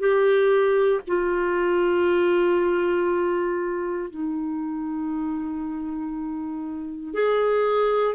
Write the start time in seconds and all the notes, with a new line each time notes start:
0.00 G4
1.08 F4
4.10 D#4
7.14 G#4